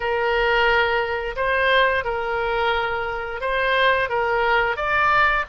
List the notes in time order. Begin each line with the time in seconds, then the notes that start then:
0.00 A#4
1.36 C5
2.04 A#4
3.41 C5
4.09 A#4
4.76 D5